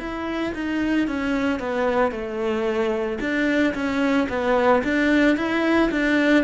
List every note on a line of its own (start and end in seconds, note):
0.00 0.54 E4
0.55 1.08 D#4
1.08 1.59 C#4
1.59 2.12 B3
2.12 3.19 A3
3.20 3.74 D4
3.74 4.28 C#4
4.29 4.83 B3
4.84 5.37 D4
5.37 5.90 E4
5.91 6.44 D4